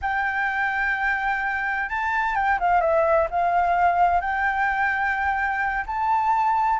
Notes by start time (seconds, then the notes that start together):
0.01 G5
1.89 A5
2.35 G5
2.59 F5
2.80 E5
3.30 F5
4.20 G5
5.86 A5